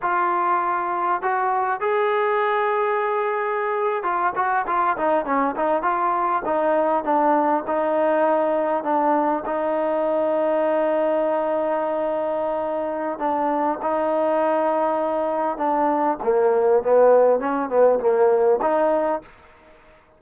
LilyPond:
\new Staff \with { instrumentName = "trombone" } { \time 4/4 \tempo 4 = 100 f'2 fis'4 gis'4~ | gis'2~ gis'8. f'8 fis'8 f'16~ | f'16 dis'8 cis'8 dis'8 f'4 dis'4 d'16~ | d'8. dis'2 d'4 dis'16~ |
dis'1~ | dis'2 d'4 dis'4~ | dis'2 d'4 ais4 | b4 cis'8 b8 ais4 dis'4 | }